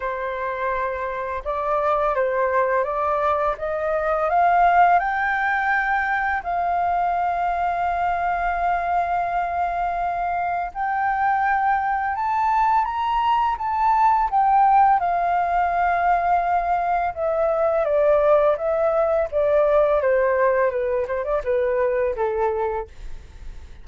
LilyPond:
\new Staff \with { instrumentName = "flute" } { \time 4/4 \tempo 4 = 84 c''2 d''4 c''4 | d''4 dis''4 f''4 g''4~ | g''4 f''2.~ | f''2. g''4~ |
g''4 a''4 ais''4 a''4 | g''4 f''2. | e''4 d''4 e''4 d''4 | c''4 b'8 c''16 d''16 b'4 a'4 | }